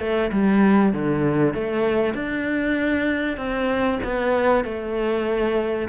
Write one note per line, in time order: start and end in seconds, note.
0.00 0.31 A3
0.32 0.93 G3
0.93 1.54 D3
1.54 2.14 A3
2.14 3.38 D4
3.38 4.00 C4
4.04 4.65 B3
4.65 5.88 A3